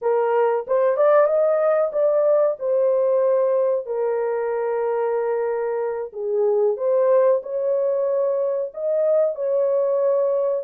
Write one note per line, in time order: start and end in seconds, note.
0.01 0.66 A#4
0.67 0.96 C5
0.96 1.26 D5
1.26 1.91 D#5
1.92 2.56 D5
2.59 3.86 C5
3.86 6.11 A#4
6.12 6.77 G#4
6.77 7.41 C5
7.43 8.72 C#5
8.74 9.35 D#5
9.35 10.64 C#5